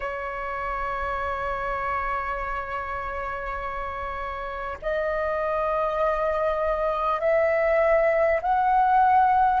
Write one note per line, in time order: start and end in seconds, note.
0.00 4.77 C#5
4.82 7.20 D#5
7.20 8.40 E5
8.42 9.60 F#5